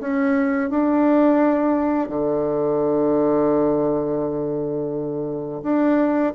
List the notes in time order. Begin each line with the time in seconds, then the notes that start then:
0.00 C#4
0.70 D4
2.09 D3
5.63 D4